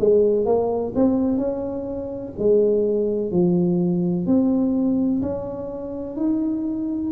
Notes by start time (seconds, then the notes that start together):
0.00 G#3
0.46 A#3
0.96 C4
1.38 C#4
2.39 G#3
3.32 F3
4.27 C4
5.22 C#4
6.17 D#4